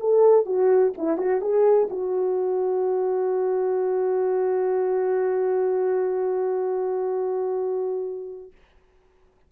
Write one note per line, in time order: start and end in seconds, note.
0.00 0.46 A4
0.46 0.93 F#4
0.98 1.18 E4
1.18 1.41 F#4
1.41 1.89 G#4
1.90 8.52 F#4